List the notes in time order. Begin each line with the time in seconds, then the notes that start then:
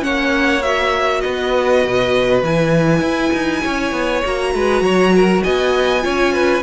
0.00 A#3 C#4 C#5 F#5
0.62 F#4 E5
1.21 B3 B4 D#5
1.84 B2
2.42 E3 E4 G#5
3.01 E4
3.33 D#4
3.62 C#4 C#5
3.92 B3
4.24 A#3 F#4 A#5
4.55 G#3 B4
4.81 F#3 C#5
5.16 A#4
5.43 B3 D#5 G#5
6.01 C#4 F4 C#5
6.33 B4